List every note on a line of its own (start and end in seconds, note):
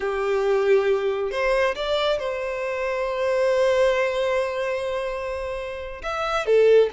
0.00 1.31 G4
1.31 1.75 C5
1.75 2.19 D5
2.19 6.02 C5
6.02 6.45 E5
6.45 6.89 A4